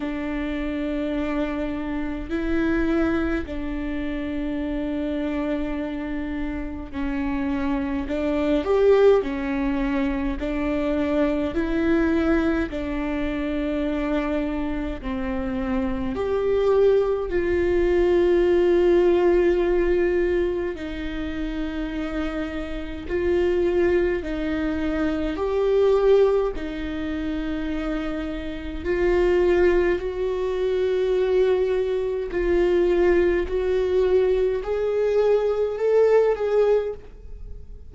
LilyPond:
\new Staff \with { instrumentName = "viola" } { \time 4/4 \tempo 4 = 52 d'2 e'4 d'4~ | d'2 cis'4 d'8 g'8 | cis'4 d'4 e'4 d'4~ | d'4 c'4 g'4 f'4~ |
f'2 dis'2 | f'4 dis'4 g'4 dis'4~ | dis'4 f'4 fis'2 | f'4 fis'4 gis'4 a'8 gis'8 | }